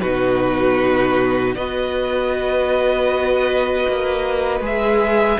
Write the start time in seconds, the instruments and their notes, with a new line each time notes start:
0.00 cello B2, viola D#4, violin F#4 B4
1.54 cello B3, viola F#4, violin B4 D#5
3.87 cello A#3
4.60 cello G#3, viola G#4, violin E5